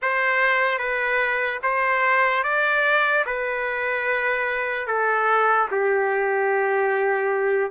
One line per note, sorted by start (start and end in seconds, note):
0.02 0.78 C5
0.78 1.59 B4
1.62 2.43 C5
2.43 3.24 D5
3.26 4.87 B4
4.87 5.68 A4
5.71 7.71 G4